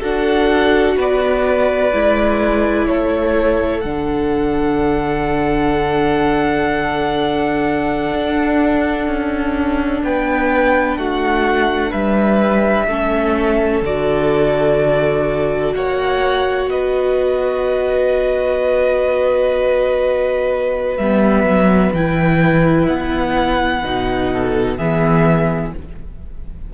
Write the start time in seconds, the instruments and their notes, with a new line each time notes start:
0.00 cello D4, viola F#4, violin A4 F#5
0.97 cello B3, violin B4 D5
1.93 cello G#3, viola E4
2.87 cello A3, violin A4 C#5
3.81 cello D3, viola D4, violin F#5
8.13 cello D4
9.08 cello C#4
10.03 cello B3, violin B4 G5
10.97 cello A3, violin F#4 F#5
11.90 cello G3, violin B4 E5
12.87 cello A3, viola C#4, violin A4
13.82 cello D3, viola F#4, violin D5
15.74 cello A#3, violin C#5 F#5
16.69 cello B3, violin B4 D#5
20.97 cello G3, viola B3, violin E5
21.43 cello F#3
21.93 cello E3, viola E4, violin G5
22.87 cello B3, violin F#5
23.83 cello B2, viola D#4
24.33 violin A4
24.78 cello E3, viola B3, violin G#4 E5